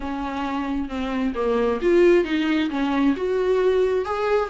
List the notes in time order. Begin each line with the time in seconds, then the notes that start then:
0.00 C#4
0.88 C4
1.35 A#3
1.81 F4
2.24 D#4
2.70 C#4
3.16 F#4
4.05 G#4